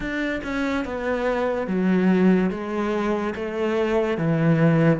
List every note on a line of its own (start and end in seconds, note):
0.00 0.41 D4
0.43 0.84 C#4
0.84 1.67 B3
1.67 2.50 F#3
2.50 3.33 G#3
3.35 4.17 A3
4.17 4.99 E3